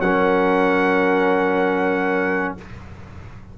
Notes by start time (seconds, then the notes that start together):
0.00 F#3 C#4 A#4 F#5